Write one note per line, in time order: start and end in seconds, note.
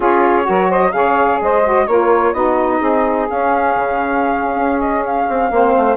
0.00 0.47 C#4
0.00 0.42 F4
0.00 0.47 G#4
0.00 0.71 C#5
0.42 0.89 F#4
0.42 0.69 A#4
0.49 0.93 F#3
0.69 0.92 C5
0.69 0.92 D#5
0.92 1.40 C#3
0.92 1.63 G#4
0.92 1.42 C#5
0.92 1.39 F5
1.41 1.87 G#3
1.41 1.86 C5
1.41 1.87 D#5
1.63 1.86 F#4
1.86 2.33 A#3
1.86 2.34 F4
1.86 2.33 A#4
1.86 2.33 C#5
2.33 2.80 B3
2.33 3.27 D#4
2.33 2.80 F#4
2.33 3.27 D#5
2.80 3.28 C4
2.80 5.49 G#4
3.29 5.52 C#4
3.29 3.75 C#4
3.29 4.79 F5
3.75 4.55 C#3
4.55 5.25 C#4
4.79 5.03 D#5
5.05 5.96 F5
5.29 5.50 C4
5.50 5.74 A#3
5.50 5.96 C4
5.50 5.96 C5
5.76 5.96 A3